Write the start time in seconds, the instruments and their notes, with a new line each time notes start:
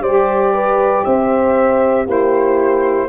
0.00 tuba G3, horn C5, flute D5
0.07 saxophone G4
0.54 horn B4
1.05 tuba C4, horn C5, flute E5
2.06 tuba A#3, saxophone E4, horn G4, flute C5